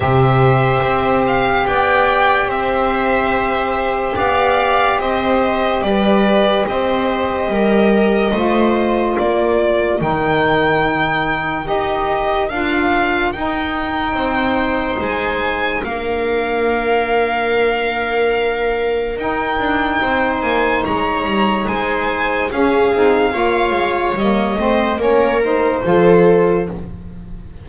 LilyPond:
<<
  \new Staff \with { instrumentName = "violin" } { \time 4/4 \tempo 4 = 72 e''4. f''8 g''4 e''4~ | e''4 f''4 dis''4 d''4 | dis''2. d''4 | g''2 dis''4 f''4 |
g''2 gis''4 f''4~ | f''2. g''4~ | g''8 gis''8 ais''4 gis''4 f''4~ | f''4 dis''4 cis''8 c''4. | }
  \new Staff \with { instrumentName = "viola" } { \time 4/4 c''2 d''4 c''4~ | c''4 d''4 c''4 b'4 | c''4 ais'4 c''4 ais'4~ | ais'1~ |
ais'4 c''2 ais'4~ | ais'1 | c''4 cis''4 c''4 gis'4 | cis''4. c''8 ais'4 a'4 | }
  \new Staff \with { instrumentName = "saxophone" } { \time 4/4 g'1~ | g'1~ | g'2 f'2 | dis'2 g'4 f'4 |
dis'2. d'4~ | d'2. dis'4~ | dis'2. cis'8 dis'8 | f'4 ais8 c'8 cis'8 dis'8 f'4 | }
  \new Staff \with { instrumentName = "double bass" } { \time 4/4 c4 c'4 b4 c'4~ | c'4 b4 c'4 g4 | c'4 g4 a4 ais4 | dis2 dis'4 d'4 |
dis'4 c'4 gis4 ais4~ | ais2. dis'8 d'8 | c'8 ais8 gis8 g8 gis4 cis'8 c'8 | ais8 gis8 g8 a8 ais4 f4 | }
>>